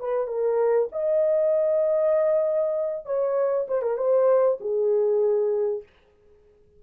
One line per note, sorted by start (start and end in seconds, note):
0.00 0.27 B4
0.27 0.88 A#4
0.92 3.06 D#5
3.06 3.67 C#5
3.68 3.82 C5
3.82 3.97 A#4
3.97 4.59 C5
4.60 5.83 G#4